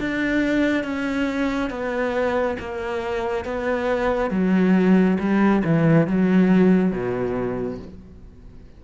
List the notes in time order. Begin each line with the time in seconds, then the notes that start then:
0.00 D4
0.84 C#4
1.71 B3
2.60 A#3
3.45 B3
4.31 F#3
5.20 G3
5.65 E3
6.08 F#3
6.92 B2